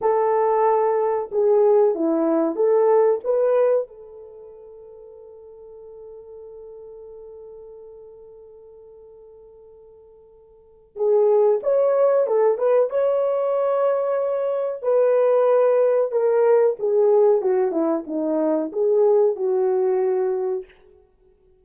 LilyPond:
\new Staff \with { instrumentName = "horn" } { \time 4/4 \tempo 4 = 93 a'2 gis'4 e'4 | a'4 b'4 a'2~ | a'1~ | a'1~ |
a'4 gis'4 cis''4 a'8 b'8 | cis''2. b'4~ | b'4 ais'4 gis'4 fis'8 e'8 | dis'4 gis'4 fis'2 | }